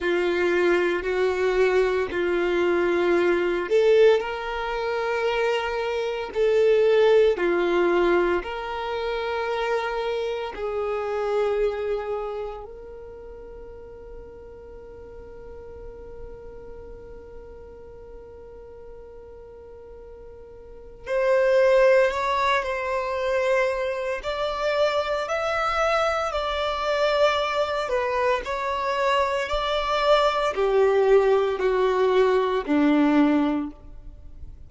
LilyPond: \new Staff \with { instrumentName = "violin" } { \time 4/4 \tempo 4 = 57 f'4 fis'4 f'4. a'8 | ais'2 a'4 f'4 | ais'2 gis'2 | ais'1~ |
ais'1 | c''4 cis''8 c''4. d''4 | e''4 d''4. b'8 cis''4 | d''4 g'4 fis'4 d'4 | }